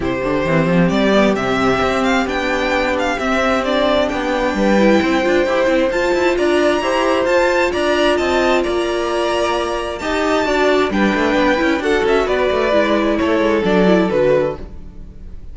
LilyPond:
<<
  \new Staff \with { instrumentName = "violin" } { \time 4/4 \tempo 4 = 132 c''2 d''4 e''4~ | e''8 f''8 g''4. f''8 e''4 | d''4 g''2.~ | g''4 a''4 ais''2 |
a''4 ais''4 a''4 ais''4~ | ais''2 a''2 | g''2 fis''8 e''8 d''4~ | d''4 cis''4 d''4 b'4 | }
  \new Staff \with { instrumentName = "violin" } { \time 4/4 g'1~ | g'1~ | g'2 b'4 c''4~ | c''2 d''4 c''4~ |
c''4 d''4 dis''4 d''4~ | d''2 dis''4 d''4 | b'2 a'4 b'4~ | b'4 a'2. | }
  \new Staff \with { instrumentName = "viola" } { \time 4/4 e'8 d'8 c'4. b8 c'4~ | c'4 d'2 c'4 | d'2~ d'8 e'4 f'8 | g'8 e'8 f'2 g'4 |
f'1~ | f'2 g'4 fis'4 | d'4. e'8 fis'2 | e'2 d'8 e'8 fis'4 | }
  \new Staff \with { instrumentName = "cello" } { \time 4/4 c8 d8 e8 f8 g4 c4 | c'4 b2 c'4~ | c'4 b4 g4 c'8 d'8 | e'8 c'8 f'8 e'8 d'4 e'4 |
f'4 d'4 c'4 ais4~ | ais2 dis'4 d'4 | g8 a8 b8 cis'8 d'8 cis'8 b8 a8 | gis4 a8 gis8 fis4 d4 | }
>>